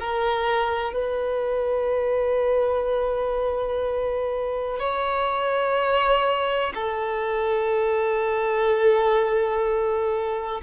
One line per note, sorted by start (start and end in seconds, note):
0.00 0.93 A#4
0.93 4.79 B4
4.79 6.73 C#5
6.75 10.62 A4